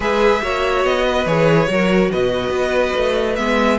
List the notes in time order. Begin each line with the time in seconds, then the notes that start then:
0.00 G#3 G#4 B4 E5
0.42 A#3 F#4 C#5
0.84 B3 D#5
1.05 B4
1.26 E3 G#4 C#5
1.67 F#3 F#4 A#4
2.10 B2 B4 D#5
2.49 B3
2.96 A3
3.35 G#3 B3 E5